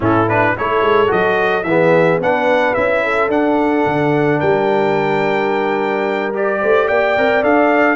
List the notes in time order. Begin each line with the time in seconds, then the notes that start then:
0.00 A2 C#4 E4 A4
0.28 D4 B4
0.57 A3 E4 A4 C#5
0.81 G#3
1.07 F#3 F#4 D#5
1.63 E3 B3 G#4 E5
2.20 B3 D4 B4 F#5
2.74 C#4 E4 E5
3.03 A4
3.28 D4 F#5
3.86 D3
4.39 G3 A#4 G5
6.34 G4 D5
6.61 A3 C5
6.86 A#3 D5 G5
7.16 C4 A#4
7.42 D4 A4 F5